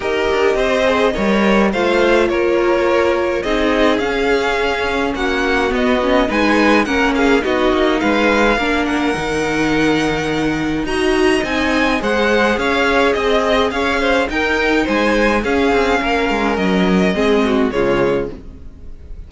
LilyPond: <<
  \new Staff \with { instrumentName = "violin" } { \time 4/4 \tempo 4 = 105 dis''2. f''4 | cis''2 dis''4 f''4~ | f''4 fis''4 dis''4 gis''4 | fis''8 f''8 dis''4 f''4. fis''8~ |
fis''2. ais''4 | gis''4 fis''4 f''4 dis''4 | f''4 g''4 gis''4 f''4~ | f''4 dis''2 cis''4 | }
  \new Staff \with { instrumentName = "violin" } { \time 4/4 ais'4 c''4 cis''4 c''4 | ais'2 gis'2~ | gis'4 fis'2 b'4 | ais'8 gis'8 fis'4 b'4 ais'4~ |
ais'2. dis''4~ | dis''4 c''4 cis''4 dis''4 | cis''8 c''8 ais'4 c''4 gis'4 | ais'2 gis'8 fis'8 f'4 | }
  \new Staff \with { instrumentName = "viola" } { \time 4/4 g'4. gis'8 ais'4 f'4~ | f'2 dis'4 cis'4~ | cis'2 b8 cis'8 dis'4 | cis'4 dis'2 d'4 |
dis'2. fis'4 | dis'4 gis'2.~ | gis'4 dis'2 cis'4~ | cis'2 c'4 gis4 | }
  \new Staff \with { instrumentName = "cello" } { \time 4/4 dis'8 d'8 c'4 g4 a4 | ais2 c'4 cis'4~ | cis'4 ais4 b4 gis4 | ais4 b8 ais8 gis4 ais4 |
dis2. dis'4 | c'4 gis4 cis'4 c'4 | cis'4 dis'4 gis4 cis'8 c'8 | ais8 gis8 fis4 gis4 cis4 | }
>>